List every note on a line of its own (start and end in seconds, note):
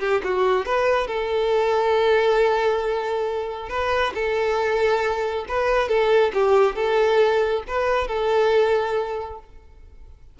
0.00 0.22 G4
0.24 0.66 F#4
0.66 1.08 B4
1.08 3.70 A4
3.70 4.13 B4
4.15 5.46 A4
5.49 5.89 B4
5.89 6.32 A4
6.34 6.76 G4
6.76 7.64 A4
7.68 8.08 B4
8.08 9.39 A4